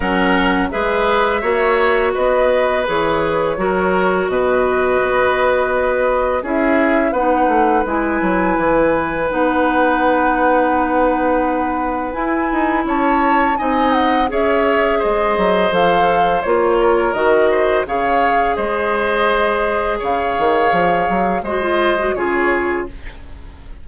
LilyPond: <<
  \new Staff \with { instrumentName = "flute" } { \time 4/4 \tempo 4 = 84 fis''4 e''2 dis''4 | cis''2 dis''2~ | dis''4 e''4 fis''4 gis''4~ | gis''4 fis''2.~ |
fis''4 gis''4 a''4 gis''8 fis''8 | e''4 dis''4 f''4 cis''4 | dis''4 f''4 dis''2 | f''2 dis''4 cis''4 | }
  \new Staff \with { instrumentName = "oboe" } { \time 4/4 ais'4 b'4 cis''4 b'4~ | b'4 ais'4 b'2~ | b'4 gis'4 b'2~ | b'1~ |
b'2 cis''4 dis''4 | cis''4 c''2~ c''8 ais'8~ | ais'8 c''8 cis''4 c''2 | cis''2 c''4 gis'4 | }
  \new Staff \with { instrumentName = "clarinet" } { \time 4/4 cis'4 gis'4 fis'2 | gis'4 fis'2.~ | fis'4 e'4 dis'4 e'4~ | e'4 dis'2.~ |
dis'4 e'2 dis'4 | gis'2 a'4 f'4 | fis'4 gis'2.~ | gis'2 fis'16 f'8 fis'16 f'4 | }
  \new Staff \with { instrumentName = "bassoon" } { \time 4/4 fis4 gis4 ais4 b4 | e4 fis4 b,4 b4~ | b4 cis'4 b8 a8 gis8 fis8 | e4 b2.~ |
b4 e'8 dis'8 cis'4 c'4 | cis'4 gis8 fis8 f4 ais4 | dis4 cis4 gis2 | cis8 dis8 f8 fis8 gis4 cis4 | }
>>